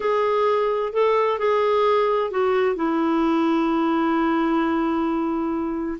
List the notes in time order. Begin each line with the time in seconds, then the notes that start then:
0.00 G#4
0.92 A4
1.38 G#4
2.30 F#4
2.75 E4